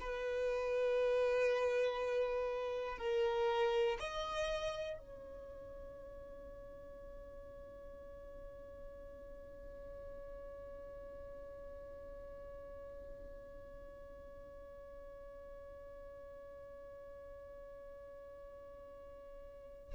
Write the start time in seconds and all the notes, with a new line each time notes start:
0.00 B4
2.98 A#4
4.00 D#5
4.98 C#5